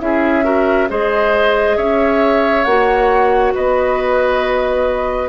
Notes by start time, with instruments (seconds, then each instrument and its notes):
0.00 bassoon C#4, clarinet E4, oboe G#4, flute E5
0.44 clarinet F#4, oboe A#4
0.89 bassoon G#3, clarinet G#4, oboe C5, flute D#5
1.77 bassoon C#4, oboe C#5, flute E5
2.65 bassoon A#3, clarinet F#4, flute F#5
3.55 bassoon B3, oboe B4, flute D#5